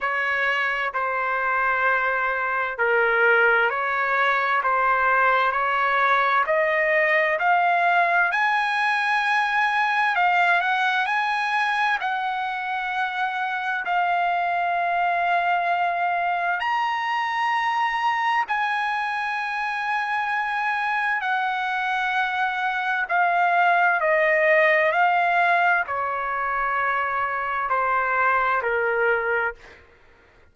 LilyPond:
\new Staff \with { instrumentName = "trumpet" } { \time 4/4 \tempo 4 = 65 cis''4 c''2 ais'4 | cis''4 c''4 cis''4 dis''4 | f''4 gis''2 f''8 fis''8 | gis''4 fis''2 f''4~ |
f''2 ais''2 | gis''2. fis''4~ | fis''4 f''4 dis''4 f''4 | cis''2 c''4 ais'4 | }